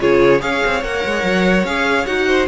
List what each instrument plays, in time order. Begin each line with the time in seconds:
0.00 cello C#3, viola F4, violin G#4 C#5
0.40 cello C#4, viola G#4, violin C#5 F5
0.66 cello C4
0.83 cello A#3, viola A#4, violin F#5
1.05 cello G#3
1.23 cello F#3
1.64 cello C#4, viola G#4, violin F5
2.06 cello D#4, viola F#4, violin F#5
2.28 violin C5